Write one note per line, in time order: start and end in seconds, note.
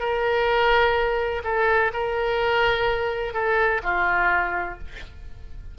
0.00 1.43 A#4
1.44 1.92 A4
1.94 3.34 A#4
3.34 3.82 A4
3.84 4.79 F4